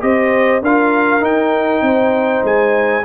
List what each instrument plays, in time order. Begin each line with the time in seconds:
0.00 tuba C4, trombone G4, horn C5, trumpet D#5
0.61 tuba D4, trombone F4, horn A#4, trumpet F5
1.20 trombone D#4, tuba D#4, trumpet G5
1.81 tuba C4, horn C5
2.43 tuba G#3, trumpet G#5